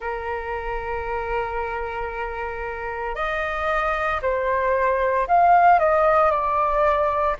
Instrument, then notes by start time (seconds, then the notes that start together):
flute
0.00 A#4
3.15 D#5
4.22 C5
5.27 F5
5.79 D#5
6.30 D5